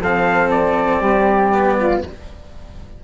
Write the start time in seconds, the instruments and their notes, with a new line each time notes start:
0.00 bassoon F3, cello C4, flute A4, trumpet F5
0.50 trumpet D5
1.00 bassoon G3, flute G4
1.52 cello B3
1.78 flute F4